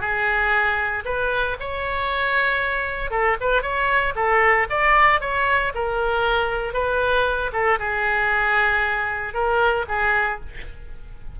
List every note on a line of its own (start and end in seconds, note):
0.00 1.03 G#4
1.05 1.56 B4
1.59 3.10 C#5
3.10 3.36 A4
3.40 3.62 B4
3.62 4.13 C#5
4.15 4.67 A4
4.70 5.20 D5
5.20 5.72 C#5
5.74 6.73 A#4
6.73 7.50 B4
7.52 7.78 A4
7.79 9.33 G#4
9.33 9.85 A#4
9.88 10.39 G#4